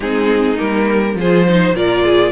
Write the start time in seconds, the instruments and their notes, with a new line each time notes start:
0.00 cello G#3, viola C4, violin D#4 G#4
0.57 cello G3, viola A#3, violin A#4
1.14 cello F3, viola F4, violin G#4 C5
1.48 viola D#4, violin C5
1.72 cello A#2, viola F4, violin A#4 D5
2.04 violin G#4